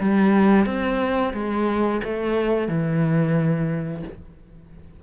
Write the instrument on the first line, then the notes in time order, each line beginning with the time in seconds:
cello
0.00 G3
0.66 C4
1.34 G#3
2.04 A3
2.68 E3